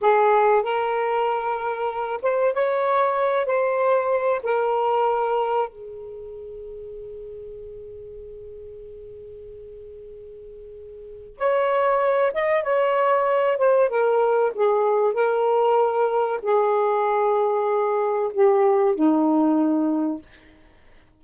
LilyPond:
\new Staff \with { instrumentName = "saxophone" } { \time 4/4 \tempo 4 = 95 gis'4 ais'2~ ais'8 c''8 | cis''4. c''4. ais'4~ | ais'4 gis'2.~ | gis'1~ |
gis'2 cis''4. dis''8 | cis''4. c''8 ais'4 gis'4 | ais'2 gis'2~ | gis'4 g'4 dis'2 | }